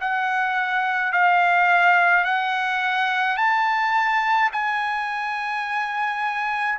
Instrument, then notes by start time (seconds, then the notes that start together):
trumpet
0.00 F#5
1.12 F5
2.24 F#5
3.37 A5
4.52 G#5